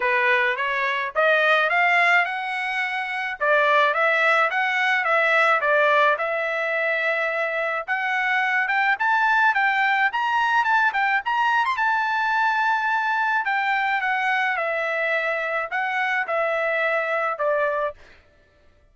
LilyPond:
\new Staff \with { instrumentName = "trumpet" } { \time 4/4 \tempo 4 = 107 b'4 cis''4 dis''4 f''4 | fis''2 d''4 e''4 | fis''4 e''4 d''4 e''4~ | e''2 fis''4. g''8 |
a''4 g''4 ais''4 a''8 g''8 | ais''8. c'''16 a''2. | g''4 fis''4 e''2 | fis''4 e''2 d''4 | }